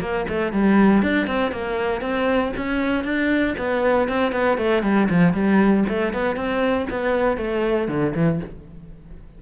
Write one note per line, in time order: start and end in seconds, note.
0.00 0.25 A#3
0.28 0.52 A3
0.52 1.02 G3
1.02 1.27 D4
1.27 1.51 C4
1.51 2.01 A#3
2.01 2.52 C4
2.57 3.03 C#4
3.03 3.54 D4
3.58 4.08 B3
4.08 4.32 C4
4.32 4.57 B3
4.57 4.83 A3
4.83 5.08 G3
5.09 5.33 F3
5.33 5.84 G3
5.88 6.13 A3
6.13 6.36 B3
6.36 6.86 C4
6.90 7.37 B3
7.37 7.88 A3
7.88 8.13 D3
8.15 8.40 E3